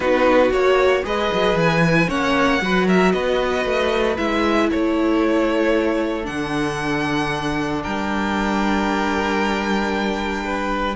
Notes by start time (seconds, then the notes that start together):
0.00 B3 D#4 F#4 B4
0.51 A#3 F#4 C#5
1.03 G#3 G#4 B4 D#5
1.33 F#3
1.54 E3 G#5
1.86 E4
2.07 A#3 C#4 C#5 F#5
2.61 F#3 F#4 B4
2.86 A#4 E5
3.12 B3 B4 D#5
3.65 A3
4.16 G#3 E4 E5
4.69 A3 A4 C#5
6.23 D3 D4 F#5
7.82 G3 A#4 G5
10.44 B4